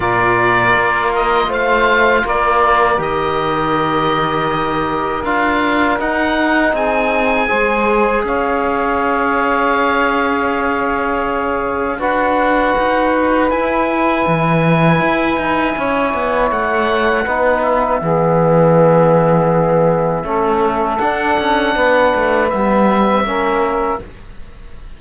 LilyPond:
<<
  \new Staff \with { instrumentName = "oboe" } { \time 4/4 \tempo 4 = 80 d''4. dis''8 f''4 d''4 | dis''2. f''4 | fis''4 gis''2 f''4~ | f''1 |
fis''2 gis''2~ | gis''2 fis''4. e''8~ | e''1 | fis''2 e''2 | }
  \new Staff \with { instrumentName = "saxophone" } { \time 4/4 ais'2 c''4 ais'4~ | ais'1~ | ais'4 gis'4 c''4 cis''4~ | cis''1 |
b'1~ | b'4 cis''2 b'4 | gis'2. a'4~ | a'4 b'2 ais'4 | }
  \new Staff \with { instrumentName = "trombone" } { \time 4/4 f'1 | g'2. f'4 | dis'2 gis'2~ | gis'1 |
fis'2 e'2~ | e'2. dis'4 | b2. cis'4 | d'2 b4 cis'4 | }
  \new Staff \with { instrumentName = "cello" } { \time 4/4 ais,4 ais4 a4 ais4 | dis2. d'4 | dis'4 c'4 gis4 cis'4~ | cis'1 |
d'4 dis'4 e'4 e4 | e'8 dis'8 cis'8 b8 a4 b4 | e2. a4 | d'8 cis'8 b8 a8 g4 ais4 | }
>>